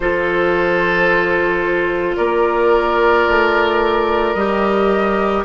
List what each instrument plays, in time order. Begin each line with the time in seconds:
0.00 bassoon F3, clarinet F4, oboe A4, flute C5
2.16 bassoon A#3, oboe A#4, flute D5
3.28 bassoon A3
4.34 bassoon G3, clarinet G4, flute D#5